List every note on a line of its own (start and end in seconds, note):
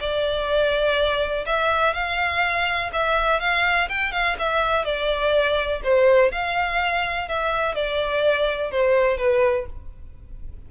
0.00 1.45 D5
1.46 1.94 E5
1.94 2.91 F5
2.93 3.40 E5
3.40 3.88 F5
3.89 4.12 G5
4.12 4.36 F5
4.39 4.85 E5
4.85 5.82 D5
5.84 6.32 C5
6.32 7.28 F5
7.29 7.75 E5
7.75 8.71 D5
8.71 9.18 C5
9.18 9.66 B4